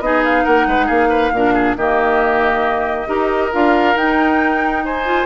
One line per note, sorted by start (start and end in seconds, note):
0.00 0.44 B3
0.00 1.34 D#4
0.00 0.45 G#4
0.00 0.23 D#5
0.25 0.45 F5
0.45 0.67 A#3
0.45 0.67 A#4
0.45 0.88 F#5
0.67 0.89 G#3
0.67 0.87 B4
0.87 1.32 A#3
0.87 1.08 G#4
0.87 1.76 F5
1.10 1.32 B4
1.32 1.76 A#2
1.32 1.79 D4
1.32 1.54 A#4
1.54 1.76 G#4
1.76 3.08 D#3
1.76 3.07 A#3
1.76 3.08 G4
1.76 3.54 D#5
3.07 3.52 D#4
3.07 3.51 G4
3.07 4.83 A#4
3.52 3.95 D4
3.52 3.96 F4
3.52 3.97 F5
3.95 5.26 D#4
3.95 5.05 D#4
3.95 4.85 G5
4.85 5.26 C5
4.85 5.26 G#5
5.05 5.26 F4